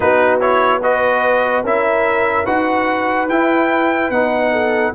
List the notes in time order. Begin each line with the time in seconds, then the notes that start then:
0.00 B3 D#4 F#4 B4
0.40 E4 C#5
0.81 F#4 B4 D#5
1.63 C#4 E4 A#4 E5
2.45 D#4 F#4 B4 F#5
3.28 E4 G5
4.09 B3 D#4 F#5
4.51 A4